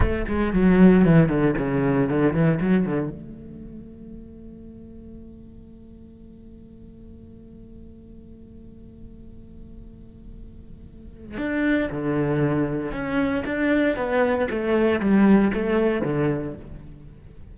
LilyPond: \new Staff \with { instrumentName = "cello" } { \time 4/4 \tempo 4 = 116 a8 gis8 fis4 e8 d8 cis4 | d8 e8 fis8 d8 a2~ | a1~ | a1~ |
a1~ | a2 d'4 d4~ | d4 cis'4 d'4 b4 | a4 g4 a4 d4 | }